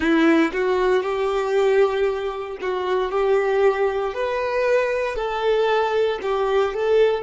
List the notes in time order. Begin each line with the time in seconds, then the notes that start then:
0.00 E4
0.53 F#4
1.03 G4
2.61 F#4
3.11 G4
4.14 B4
5.15 A4
6.22 G4
6.74 A4